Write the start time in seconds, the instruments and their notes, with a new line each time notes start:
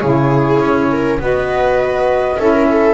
0.00 double bass C#3, saxophone E4, viola G#4, flute C#5
0.59 double bass C#4
0.92 viola A#4
1.19 double bass B3, saxophone F#4, viola B4, flute D#5
2.38 double bass C#4, saxophone E4, viola A4, flute E5
2.53 viola A#4
2.70 viola A4